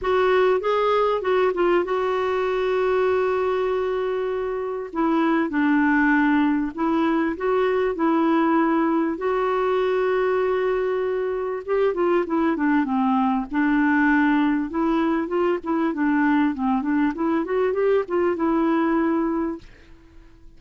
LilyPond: \new Staff \with { instrumentName = "clarinet" } { \time 4/4 \tempo 4 = 98 fis'4 gis'4 fis'8 f'8 fis'4~ | fis'1 | e'4 d'2 e'4 | fis'4 e'2 fis'4~ |
fis'2. g'8 f'8 | e'8 d'8 c'4 d'2 | e'4 f'8 e'8 d'4 c'8 d'8 | e'8 fis'8 g'8 f'8 e'2 | }